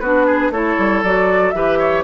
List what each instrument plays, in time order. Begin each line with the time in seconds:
0.00 bassoon B3, clarinet D4, oboe F#4, flute B4
0.26 oboe G#4
0.50 bassoon A3, clarinet E4, oboe A4, flute C#5
0.78 bassoon G3
1.03 bassoon F#3, clarinet F#4, flute D5
1.51 bassoon E3, clarinet G4, oboe B4, flute E5
1.79 oboe C#5